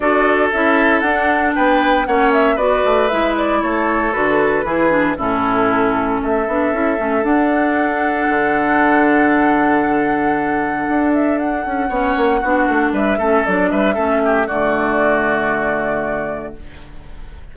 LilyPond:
<<
  \new Staff \with { instrumentName = "flute" } { \time 4/4 \tempo 4 = 116 d''4 e''4 fis''4 g''4 | fis''8 e''8 d''4 e''8 d''8 cis''4 | b'2 a'2 | e''2 fis''2~ |
fis''1~ | fis''4. e''8 fis''2~ | fis''4 e''4 d''8 e''4. | d''1 | }
  \new Staff \with { instrumentName = "oboe" } { \time 4/4 a'2. b'4 | cis''4 b'2 a'4~ | a'4 gis'4 e'2 | a'1~ |
a'1~ | a'2. cis''4 | fis'4 b'8 a'4 b'8 a'8 g'8 | fis'1 | }
  \new Staff \with { instrumentName = "clarinet" } { \time 4/4 fis'4 e'4 d'2 | cis'4 fis'4 e'2 | fis'4 e'8 d'8 cis'2~ | cis'8 d'8 e'8 cis'8 d'2~ |
d'1~ | d'2. cis'4 | d'4. cis'8 d'4 cis'4 | a1 | }
  \new Staff \with { instrumentName = "bassoon" } { \time 4/4 d'4 cis'4 d'4 b4 | ais4 b8 a8 gis4 a4 | d4 e4 a,2 | a8 b8 cis'8 a8 d'2 |
d1~ | d4 d'4. cis'8 b8 ais8 | b8 a8 g8 a8 fis8 g8 a4 | d1 | }
>>